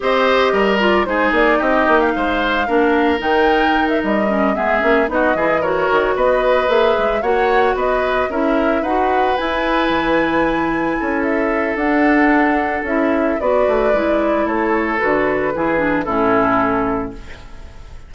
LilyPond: <<
  \new Staff \with { instrumentName = "flute" } { \time 4/4 \tempo 4 = 112 dis''4. d''8 c''8 d''8 dis''8. f''16~ | f''2 g''4~ g''16 e''16 dis''8~ | dis''8 e''4 dis''4 cis''4 dis''8~ | dis''8 e''4 fis''4 dis''4 e''8~ |
e''8 fis''4 gis''2~ gis''8~ | gis''4 e''4 fis''2 | e''4 d''2 cis''4 | b'2 a'2 | }
  \new Staff \with { instrumentName = "oboe" } { \time 4/4 c''4 ais'4 gis'4 g'4 | c''4 ais'2.~ | ais'8 gis'4 fis'8 gis'8 ais'4 b'8~ | b'4. cis''4 b'4 ais'8~ |
ais'8 b'2.~ b'8~ | b'8 a'2.~ a'8~ | a'4 b'2 a'4~ | a'4 gis'4 e'2 | }
  \new Staff \with { instrumentName = "clarinet" } { \time 4/4 g'4. f'8 dis'2~ | dis'4 d'4 dis'2 | cis'8 b8 cis'8 dis'8 e'8 fis'4.~ | fis'8 gis'4 fis'2 e'8~ |
e'8 fis'4 e'2~ e'8~ | e'2 d'2 | e'4 fis'4 e'2 | fis'4 e'8 d'8 cis'2 | }
  \new Staff \with { instrumentName = "bassoon" } { \time 4/4 c'4 g4 gis8 ais8 c'8 ais8 | gis4 ais4 dis4. g8~ | g8 gis8 ais8 b8 e4 dis8 b8~ | b8 ais8 gis8 ais4 b4 cis'8~ |
cis'8 dis'4 e'4 e4.~ | e8 cis'4. d'2 | cis'4 b8 a8 gis4 a4 | d4 e4 a,2 | }
>>